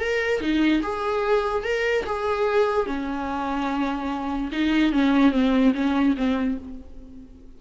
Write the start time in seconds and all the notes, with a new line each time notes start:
0.00 A#4
0.41 D#4
0.83 G#4
1.64 A#4
2.06 G#4
2.87 C#4
4.52 D#4
4.93 C#4
5.32 C4
5.75 C#4
6.17 C4